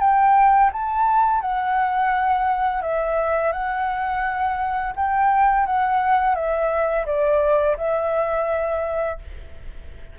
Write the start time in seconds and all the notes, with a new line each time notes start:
0.00 G5
0.73 A5
1.41 F#5
2.82 E5
3.52 F#5
4.96 G5
5.66 F#5
6.35 E5
7.06 D5
7.77 E5